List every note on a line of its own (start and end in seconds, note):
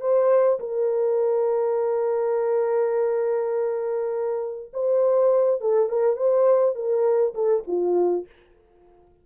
0.00 0.59 C5
0.59 4.71 A#4
4.73 5.61 C5
5.61 5.89 A4
5.89 6.16 A#4
6.16 6.75 C5
6.75 7.34 A#4
7.34 7.64 A4
7.67 8.26 F4